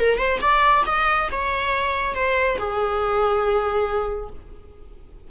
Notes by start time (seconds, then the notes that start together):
0.00 A#4
0.18 C5
0.41 D5
0.86 D#5
1.32 C#5
2.15 C5
2.59 G#4